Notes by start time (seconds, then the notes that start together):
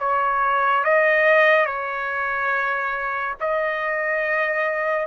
0.00 C#5
0.84 D#5
1.66 C#5
3.40 D#5